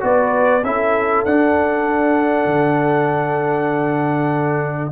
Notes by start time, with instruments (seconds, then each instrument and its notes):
0.00 tuba B3, trombone F#4, horn B4, trumpet D5
0.63 tuba C#4, trombone E4, horn A4, trumpet E5
1.24 tuba D4, trombone D4, trumpet F#5
2.45 tuba D3